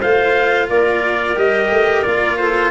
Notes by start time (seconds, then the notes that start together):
0.00 A3 F4 C5 F5
0.69 A#3 A#4 D5
1.37 G3 G4 D#5
1.71 A3
2.03 A#3 F4 D5
2.37 A4 C5